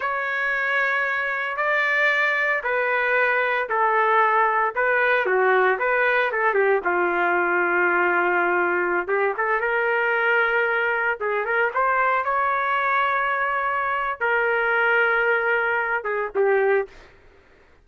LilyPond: \new Staff \with { instrumentName = "trumpet" } { \time 4/4 \tempo 4 = 114 cis''2. d''4~ | d''4 b'2 a'4~ | a'4 b'4 fis'4 b'4 | a'8 g'8 f'2.~ |
f'4~ f'16 g'8 a'8 ais'4.~ ais'16~ | ais'4~ ais'16 gis'8 ais'8 c''4 cis''8.~ | cis''2. ais'4~ | ais'2~ ais'8 gis'8 g'4 | }